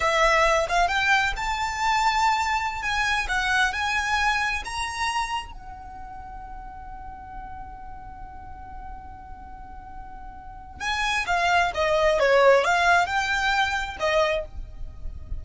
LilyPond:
\new Staff \with { instrumentName = "violin" } { \time 4/4 \tempo 4 = 133 e''4. f''8 g''4 a''4~ | a''2~ a''16 gis''4 fis''8.~ | fis''16 gis''2 ais''4.~ ais''16~ | ais''16 fis''2.~ fis''8.~ |
fis''1~ | fis''1 | gis''4 f''4 dis''4 cis''4 | f''4 g''2 dis''4 | }